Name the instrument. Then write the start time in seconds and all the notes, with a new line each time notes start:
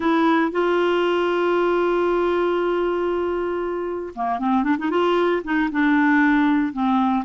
clarinet
0.00 E4
0.51 F4
4.15 A#3
4.39 C4
4.63 D4
4.78 D#4
4.90 F4
5.44 D#4
5.71 D4
6.72 C4